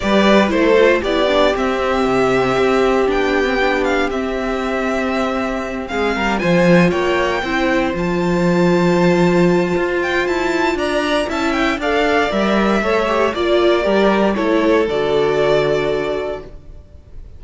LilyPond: <<
  \new Staff \with { instrumentName = "violin" } { \time 4/4 \tempo 4 = 117 d''4 c''4 d''4 e''4~ | e''2 g''4. f''8 | e''2.~ e''8 f''8~ | f''8 gis''4 g''2 a''8~ |
a''2.~ a''8 g''8 | a''4 ais''4 a''8 g''8 f''4 | e''2 d''2 | cis''4 d''2. | }
  \new Staff \with { instrumentName = "violin" } { \time 4/4 b'4 a'4 g'2~ | g'1~ | g'2.~ g'8 gis'8 | ais'8 c''4 cis''4 c''4.~ |
c''1~ | c''4 d''4 e''4 d''4~ | d''4 cis''4 d''4 ais'4 | a'1 | }
  \new Staff \with { instrumentName = "viola" } { \time 4/4 g'4 e'8 f'8 e'8 d'8 c'4~ | c'2 d'8. c'16 d'4 | c'1~ | c'8 f'2 e'4 f'8~ |
f'1~ | f'2 e'4 a'4 | ais'4 a'8 g'8 f'4 g'4 | e'4 fis'2. | }
  \new Staff \with { instrumentName = "cello" } { \time 4/4 g4 a4 b4 c'4 | c4 c'4 b2 | c'2.~ c'8 gis8 | g8 f4 ais4 c'4 f8~ |
f2. f'4 | e'4 d'4 cis'4 d'4 | g4 a4 ais4 g4 | a4 d2. | }
>>